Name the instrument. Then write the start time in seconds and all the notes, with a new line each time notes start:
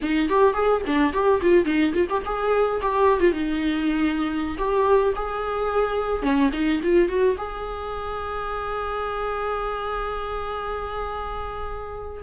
viola
0.02 D#4
0.29 G4
0.53 G#4
0.86 D4
1.13 G4
1.41 F4
1.65 D#4
1.93 F4
2.09 G4
2.25 G#4
2.81 G4
3.19 F4
3.32 D#4
4.58 G4
5.15 G#4
6.22 C#4
6.53 D#4
6.83 F4
7.08 F#4
7.37 G#4